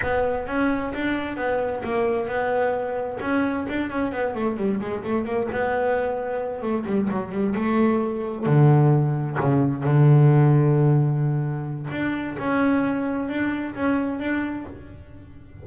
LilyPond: \new Staff \with { instrumentName = "double bass" } { \time 4/4 \tempo 4 = 131 b4 cis'4 d'4 b4 | ais4 b2 cis'4 | d'8 cis'8 b8 a8 g8 gis8 a8 ais8 | b2~ b8 a8 g8 fis8 |
g8 a2 d4.~ | d8 cis4 d2~ d8~ | d2 d'4 cis'4~ | cis'4 d'4 cis'4 d'4 | }